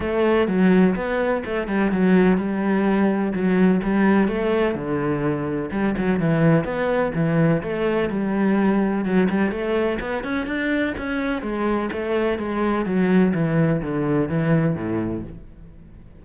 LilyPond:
\new Staff \with { instrumentName = "cello" } { \time 4/4 \tempo 4 = 126 a4 fis4 b4 a8 g8 | fis4 g2 fis4 | g4 a4 d2 | g8 fis8 e4 b4 e4 |
a4 g2 fis8 g8 | a4 b8 cis'8 d'4 cis'4 | gis4 a4 gis4 fis4 | e4 d4 e4 a,4 | }